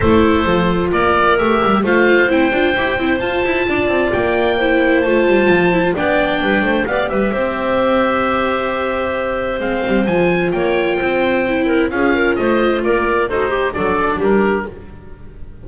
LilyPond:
<<
  \new Staff \with { instrumentName = "oboe" } { \time 4/4 \tempo 4 = 131 c''2 d''4 e''4 | f''4 g''2 a''4~ | a''4 g''2 a''4~ | a''4 g''2 f''8 e''8~ |
e''1~ | e''4 f''4 gis''4 g''4~ | g''2 f''4 dis''4 | d''4 c''4 d''4 ais'4 | }
  \new Staff \with { instrumentName = "clarinet" } { \time 4/4 a'2 ais'2 | c''1 | d''2 c''2~ | c''4 d''4 b'8 c''8 d''8 b'8 |
c''1~ | c''2. cis''4 | c''4. ais'8 gis'8 ais'8 c''4 | ais'4 a'8 g'8 a'4 g'4 | }
  \new Staff \with { instrumentName = "viola" } { \time 4/4 e'4 f'2 g'4 | f'4 e'8 f'8 g'8 e'8 f'4~ | f'2 e'4 f'4~ | f'8 e'16 f'16 d'2 g'4~ |
g'1~ | g'4 c'4 f'2~ | f'4 e'4 f'2~ | f'4 fis'8 g'8 d'2 | }
  \new Staff \with { instrumentName = "double bass" } { \time 4/4 a4 f4 ais4 a8 g8 | a4 c'8 d'8 e'8 c'8 f'8 e'8 | d'8 c'8 ais2 a8 g8 | f4 b4 g8 a8 b8 g8 |
c'1~ | c'4 gis8 g8 f4 ais4 | c'2 cis'4 a4 | ais4 dis'4 fis4 g4 | }
>>